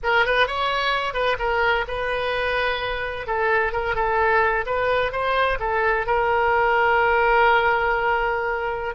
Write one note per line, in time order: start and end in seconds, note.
0.03 0.25 A#4
0.25 0.47 B4
0.47 1.13 C#5
1.13 1.36 B4
1.38 1.85 A#4
1.87 3.27 B4
3.27 3.72 A4
3.72 3.95 A#4
3.95 4.65 A4
4.66 5.11 B4
5.11 5.58 C5
5.59 6.06 A4
6.06 8.95 A#4